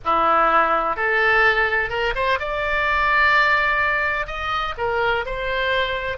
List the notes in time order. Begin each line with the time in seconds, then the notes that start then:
0.05 E4
0.96 A4
1.89 A#4
2.15 C5
2.39 D5
4.26 D#5
4.77 A#4
5.25 C5